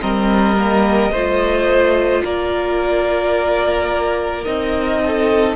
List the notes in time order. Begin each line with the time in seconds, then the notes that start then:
0.00 G3 C4 A#4 D#5
0.57 A#3
1.11 A3 F4 C5
2.23 A#3 A#4 D5
4.44 C4 D#4 D#5
5.01 A4